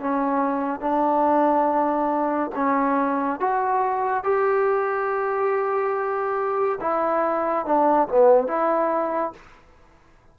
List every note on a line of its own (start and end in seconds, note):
0.00 0.81 C#4
0.81 2.51 D4
2.55 3.40 C#4
3.40 4.24 F#4
4.24 6.79 G4
6.81 7.66 E4
7.66 8.08 D4
8.09 8.48 B3
8.48 9.33 E4